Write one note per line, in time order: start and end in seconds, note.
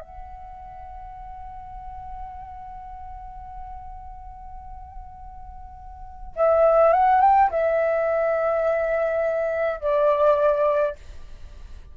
0.00 6.35 F#5
6.36 6.93 E5
6.93 7.21 F#5
7.21 7.50 G5
7.51 9.80 E5
9.80 10.96 D5